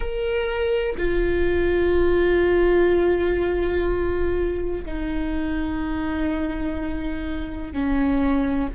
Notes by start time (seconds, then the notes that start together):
0.00 A#4
0.97 F4
4.85 D#4
7.72 C#4